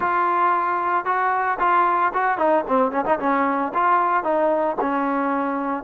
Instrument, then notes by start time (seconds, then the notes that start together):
trombone
0.00 F4
1.05 F#4
1.59 F4
2.13 F#4
2.37 D#4
2.67 C4
2.91 C#4
3.05 D#4
3.19 C#4
3.73 F4
4.23 D#4
4.81 C#4